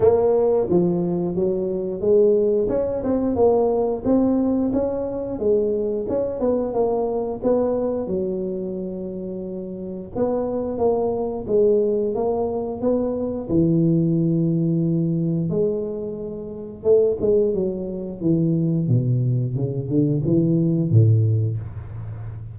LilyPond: \new Staff \with { instrumentName = "tuba" } { \time 4/4 \tempo 4 = 89 ais4 f4 fis4 gis4 | cis'8 c'8 ais4 c'4 cis'4 | gis4 cis'8 b8 ais4 b4 | fis2. b4 |
ais4 gis4 ais4 b4 | e2. gis4~ | gis4 a8 gis8 fis4 e4 | b,4 cis8 d8 e4 a,4 | }